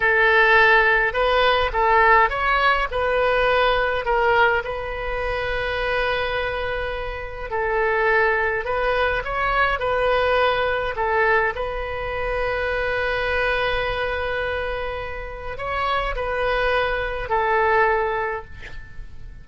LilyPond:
\new Staff \with { instrumentName = "oboe" } { \time 4/4 \tempo 4 = 104 a'2 b'4 a'4 | cis''4 b'2 ais'4 | b'1~ | b'4 a'2 b'4 |
cis''4 b'2 a'4 | b'1~ | b'2. cis''4 | b'2 a'2 | }